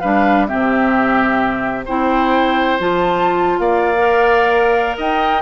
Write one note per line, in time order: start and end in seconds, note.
0.00 0.50 G3
0.00 0.48 D4
0.00 0.47 B4
0.00 0.46 F5
0.47 1.88 C3
0.47 1.87 C4
0.47 1.85 G4
0.47 1.85 E5
1.85 2.80 C4
1.85 2.79 E4
1.85 3.58 C5
1.85 2.80 G5
2.79 3.59 F3
2.79 3.95 F4
2.79 3.59 A5
3.59 4.97 A#3
3.59 4.97 D5
3.59 4.97 F5
3.98 5.42 A#4
4.97 5.42 D#4
4.97 5.42 D#5
4.97 5.42 G5